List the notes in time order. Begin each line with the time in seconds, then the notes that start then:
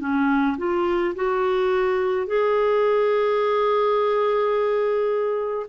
0.00 C#4
0.58 F4
1.15 F#4
2.26 G#4